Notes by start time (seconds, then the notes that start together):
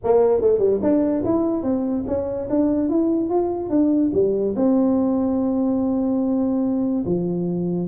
0.04 A#3
0.41 A3
0.58 G3
0.82 D4
1.25 E4
1.63 C4
2.07 C#4
2.49 D4
2.89 E4
3.29 F4
3.69 D4
4.13 G3
4.56 C4
7.05 F3